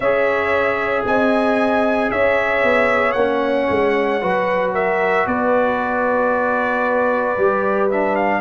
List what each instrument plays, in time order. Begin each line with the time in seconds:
0.00 tuba C#4, trombone G#4, horn C#5, trumpet E5
1.05 tuba C4, horn D#5, trumpet G#5
2.11 tuba C#4, horn C#5, trumpet E5
2.63 tuba B3
3.12 tuba A#3, trombone C#4, trumpet F#5
3.70 tuba G#3
4.21 tuba F#3, trombone F#4, horn B4
4.74 horn A#4, trumpet E5
5.26 tuba B3, horn B4, trumpet D5
7.37 tuba G3, trombone G4
7.90 trombone D4, trumpet E5
8.15 trumpet F5